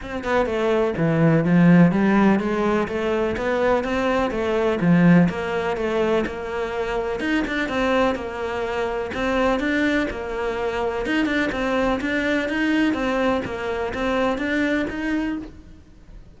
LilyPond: \new Staff \with { instrumentName = "cello" } { \time 4/4 \tempo 4 = 125 c'8 b8 a4 e4 f4 | g4 gis4 a4 b4 | c'4 a4 f4 ais4 | a4 ais2 dis'8 d'8 |
c'4 ais2 c'4 | d'4 ais2 dis'8 d'8 | c'4 d'4 dis'4 c'4 | ais4 c'4 d'4 dis'4 | }